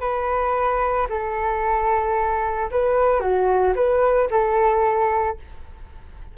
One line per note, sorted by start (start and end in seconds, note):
0.00 1.07 B4
1.09 2.70 A4
2.71 3.20 B4
3.20 3.74 F#4
3.75 4.29 B4
4.30 5.37 A4